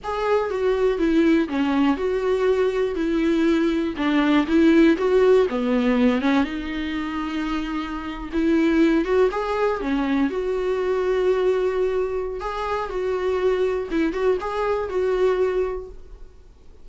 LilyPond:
\new Staff \with { instrumentName = "viola" } { \time 4/4 \tempo 4 = 121 gis'4 fis'4 e'4 cis'4 | fis'2 e'2 | d'4 e'4 fis'4 b4~ | b8 cis'8 dis'2.~ |
dis'8. e'4. fis'8 gis'4 cis'16~ | cis'8. fis'2.~ fis'16~ | fis'4 gis'4 fis'2 | e'8 fis'8 gis'4 fis'2 | }